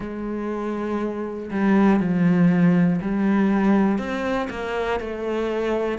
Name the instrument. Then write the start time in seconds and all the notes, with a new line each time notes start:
cello
0.00 G#3
1.50 G3
2.00 F3
3.01 G3
3.98 C4
4.50 A#3
5.00 A3